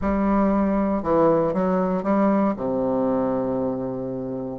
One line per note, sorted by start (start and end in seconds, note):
0.01 1.02 G3
1.02 1.53 E3
1.53 2.03 F#3
2.03 2.54 G3
2.56 4.59 C3